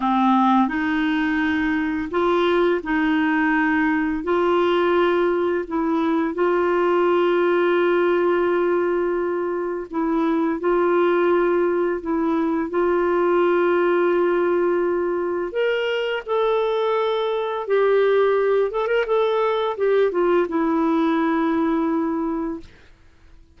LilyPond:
\new Staff \with { instrumentName = "clarinet" } { \time 4/4 \tempo 4 = 85 c'4 dis'2 f'4 | dis'2 f'2 | e'4 f'2.~ | f'2 e'4 f'4~ |
f'4 e'4 f'2~ | f'2 ais'4 a'4~ | a'4 g'4. a'16 ais'16 a'4 | g'8 f'8 e'2. | }